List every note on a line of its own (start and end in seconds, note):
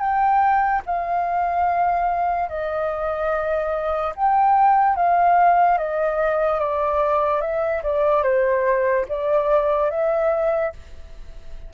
0.00 0.82 G5
0.86 2.50 F5
2.50 4.14 D#5
4.16 4.96 G5
4.96 5.78 F5
5.78 6.60 D#5
6.60 7.41 D5
7.41 7.82 E5
7.83 8.23 D5
8.23 9.06 C5
9.09 9.91 D5
9.91 10.73 E5